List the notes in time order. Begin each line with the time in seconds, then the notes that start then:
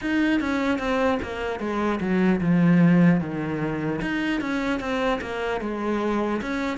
0.01 D#4
0.40 C#4
0.78 C4
1.22 A#3
1.59 G#3
2.00 F#3
2.40 F3
3.20 D#3
4.01 D#4
4.40 C#4
4.80 C4
5.21 A#3
5.60 G#3
6.41 C#4